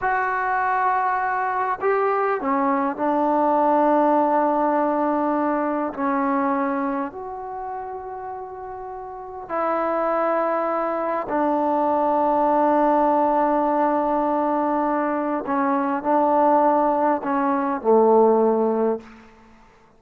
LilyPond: \new Staff \with { instrumentName = "trombone" } { \time 4/4 \tempo 4 = 101 fis'2. g'4 | cis'4 d'2.~ | d'2 cis'2 | fis'1 |
e'2. d'4~ | d'1~ | d'2 cis'4 d'4~ | d'4 cis'4 a2 | }